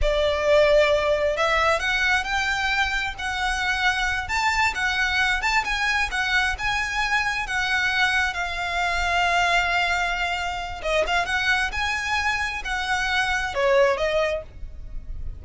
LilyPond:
\new Staff \with { instrumentName = "violin" } { \time 4/4 \tempo 4 = 133 d''2. e''4 | fis''4 g''2 fis''4~ | fis''4. a''4 fis''4. | a''8 gis''4 fis''4 gis''4.~ |
gis''8 fis''2 f''4.~ | f''1 | dis''8 f''8 fis''4 gis''2 | fis''2 cis''4 dis''4 | }